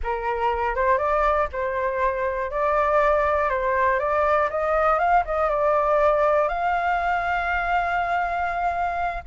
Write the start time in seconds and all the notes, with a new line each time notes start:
0.02 A#4
0.75 C5
0.98 D5
1.52 C5
2.50 D5
3.49 C5
3.99 D5
4.50 D#5
4.98 F5
5.25 D#5
5.49 D5
6.48 F5